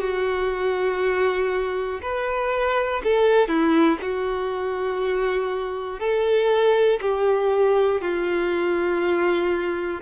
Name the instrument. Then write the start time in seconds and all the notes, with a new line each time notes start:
violin
0.00 F#4
2.01 B4
3.03 A4
3.48 E4
4.01 F#4
6.00 A4
7.01 G4
8.00 F4